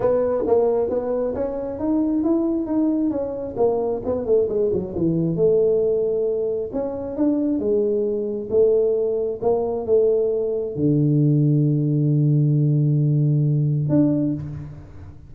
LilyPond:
\new Staff \with { instrumentName = "tuba" } { \time 4/4 \tempo 4 = 134 b4 ais4 b4 cis'4 | dis'4 e'4 dis'4 cis'4 | ais4 b8 a8 gis8 fis8 e4 | a2. cis'4 |
d'4 gis2 a4~ | a4 ais4 a2 | d1~ | d2. d'4 | }